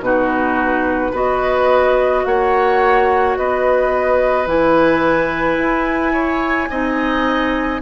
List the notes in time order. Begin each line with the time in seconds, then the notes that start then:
0.00 B2 D#4 F#4 B4
1.12 B3 F#4 B4 D#5
2.25 A#3 C#5 F#5
3.37 B3 B4 D#5
4.47 E3 E4 G#5
5.58 E4
6.13 C#5
6.70 C4 D#4 D#5